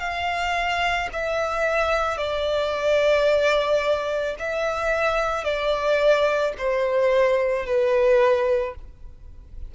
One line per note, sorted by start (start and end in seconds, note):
0.00 1.09 F5
1.13 2.17 E5
2.17 4.35 D5
4.39 5.44 E5
5.44 6.53 D5
6.58 7.66 C5
7.66 8.75 B4